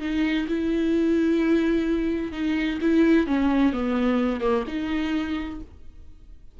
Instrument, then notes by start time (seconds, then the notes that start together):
viola
0.00 D#4
0.47 E4
2.32 D#4
2.81 E4
3.26 C#4
3.72 B3
4.40 A#3
4.67 D#4